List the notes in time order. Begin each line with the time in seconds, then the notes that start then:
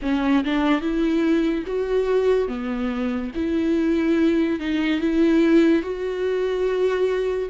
0.02 C#4
0.44 D4
0.81 E4
1.66 F#4
2.48 B3
3.35 E4
4.59 D#4
5.00 E4
5.82 F#4